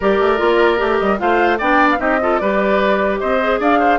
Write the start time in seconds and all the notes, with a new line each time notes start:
0.00 G3 G4 A#4 D5
0.19 A3
0.37 A#3 F4
0.77 A3 G4
0.98 G3 D#5
1.17 A3 F4 C5 F5
1.58 B3 D4 D5 G5
1.91 F5
1.97 C4 D#4 G4 D#5
2.21 F4 A4
2.38 G3 G4 B4 D5
3.19 C4 C5 D#5
3.41 G#4
3.59 D4 D5 F5
3.79 C5